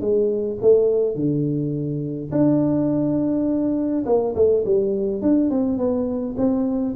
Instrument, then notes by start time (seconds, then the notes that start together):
tuba
0.00 G#3
0.61 A3
1.15 D3
2.31 D4
4.05 A#3
4.35 A3
4.65 G3
5.21 D4
5.50 C4
5.77 B3
6.37 C4